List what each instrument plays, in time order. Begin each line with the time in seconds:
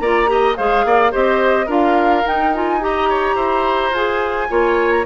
0.00 bassoon A#3, clarinet F4, oboe D5, flute A#5
0.27 clarinet G4, oboe D#5
0.57 bassoon G#3, clarinet G#4, oboe C5, flute F5
0.85 bassoon A#3, oboe D5
1.11 bassoon C4, clarinet G4, oboe C5, flute D#5
1.67 bassoon D4, clarinet F4, oboe A#4, flute F5
2.25 clarinet D#4, bassoon D#4, flute G5
2.55 clarinet F4, flute G#5
2.81 clarinet G4, oboe D#5, flute A#5
3.10 oboe C#5
3.36 bassoon E4, oboe C5
3.91 bassoon F4, clarinet G#4, flute G#5
4.49 bassoon A#3, clarinet F4, oboe C#5
4.91 flute A#5